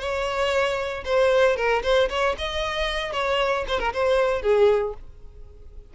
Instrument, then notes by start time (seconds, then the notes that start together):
violin
0.00 C#5
1.05 C5
1.57 A#4
1.83 C5
2.10 C#5
2.38 D#5
3.13 C#5
3.69 C5
3.80 A#4
3.94 C5
4.42 G#4